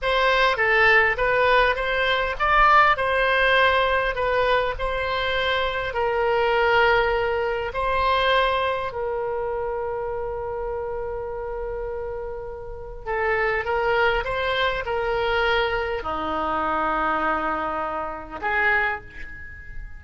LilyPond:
\new Staff \with { instrumentName = "oboe" } { \time 4/4 \tempo 4 = 101 c''4 a'4 b'4 c''4 | d''4 c''2 b'4 | c''2 ais'2~ | ais'4 c''2 ais'4~ |
ais'1~ | ais'2 a'4 ais'4 | c''4 ais'2 dis'4~ | dis'2. gis'4 | }